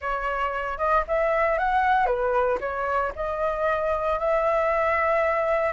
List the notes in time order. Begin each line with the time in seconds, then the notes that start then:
0.01 C#5
0.78 D#5
1.07 E5
1.58 F#5
2.06 B4
2.60 C#5
3.15 D#5
4.19 E5